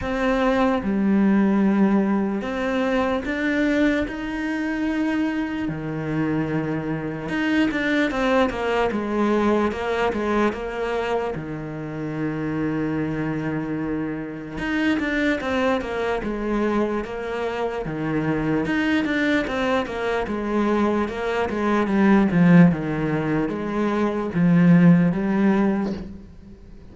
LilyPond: \new Staff \with { instrumentName = "cello" } { \time 4/4 \tempo 4 = 74 c'4 g2 c'4 | d'4 dis'2 dis4~ | dis4 dis'8 d'8 c'8 ais8 gis4 | ais8 gis8 ais4 dis2~ |
dis2 dis'8 d'8 c'8 ais8 | gis4 ais4 dis4 dis'8 d'8 | c'8 ais8 gis4 ais8 gis8 g8 f8 | dis4 gis4 f4 g4 | }